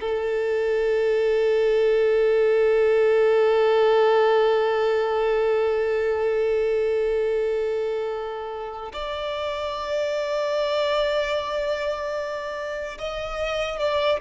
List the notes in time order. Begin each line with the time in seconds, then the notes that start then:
0.00 A4
8.92 D5
12.98 D#5
13.79 D5